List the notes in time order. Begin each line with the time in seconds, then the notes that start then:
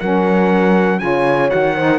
0.00 F#3 C#4 A#4 F#5
0.99 C#3 F4 C#5 G#5
1.49 D#3 F#4 F#5
1.75 D#4 C5